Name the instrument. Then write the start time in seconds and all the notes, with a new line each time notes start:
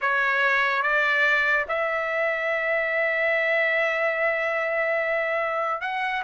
trumpet
0.01 C#5
0.82 D5
1.68 E5
5.81 F#5